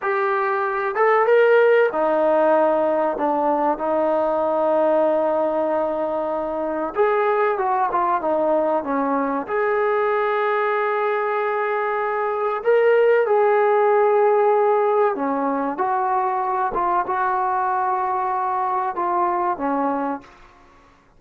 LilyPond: \new Staff \with { instrumentName = "trombone" } { \time 4/4 \tempo 4 = 95 g'4. a'8 ais'4 dis'4~ | dis'4 d'4 dis'2~ | dis'2. gis'4 | fis'8 f'8 dis'4 cis'4 gis'4~ |
gis'1 | ais'4 gis'2. | cis'4 fis'4. f'8 fis'4~ | fis'2 f'4 cis'4 | }